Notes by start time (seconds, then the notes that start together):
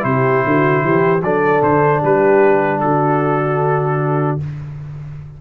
0.00 C3 E4 C5
0.06 G4
0.45 D3 F#4
0.83 E3 G4
1.22 F#3 D4 A4 D5
1.63 D3 C5
2.01 G3 G4 B4
2.80 D3 F#4 A4